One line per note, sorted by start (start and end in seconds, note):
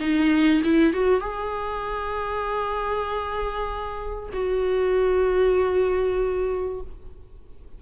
0.00 0.62 D#4
0.64 0.93 E4
0.93 1.20 F#4
1.20 4.29 G#4
4.33 6.80 F#4